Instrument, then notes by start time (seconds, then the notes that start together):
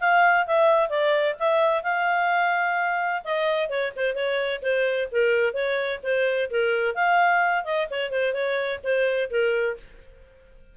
clarinet
0.00 F5
0.47 E5
0.89 D5
1.39 E5
1.83 F5
3.24 D#5
3.69 C#5
3.96 C5
4.15 C#5
4.62 C5
5.11 A#4
5.53 C#5
6.03 C5
6.50 A#4
6.95 F5
7.64 D#5
7.90 C#5
8.10 C5
8.33 C#5
8.83 C5
9.30 A#4